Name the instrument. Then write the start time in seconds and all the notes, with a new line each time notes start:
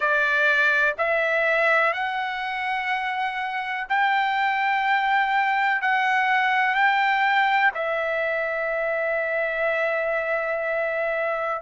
trumpet
0.00 D5
0.98 E5
1.93 F#5
3.88 G5
5.81 F#5
6.74 G5
7.74 E5